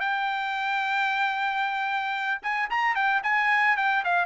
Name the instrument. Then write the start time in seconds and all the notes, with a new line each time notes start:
trumpet
0.00 G5
2.42 G#5
2.70 A#5
2.95 G5
3.23 G#5
3.77 G5
4.04 F5